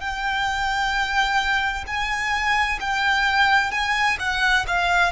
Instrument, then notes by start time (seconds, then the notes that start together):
violin
0.00 G5
1.87 G#5
2.80 G5
3.71 G#5
4.19 F#5
4.67 F5